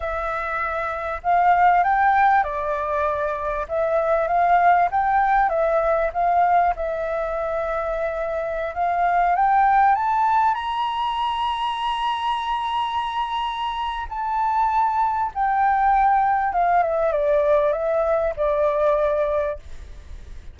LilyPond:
\new Staff \with { instrumentName = "flute" } { \time 4/4 \tempo 4 = 98 e''2 f''4 g''4 | d''2 e''4 f''4 | g''4 e''4 f''4 e''4~ | e''2~ e''16 f''4 g''8.~ |
g''16 a''4 ais''2~ ais''8.~ | ais''2. a''4~ | a''4 g''2 f''8 e''8 | d''4 e''4 d''2 | }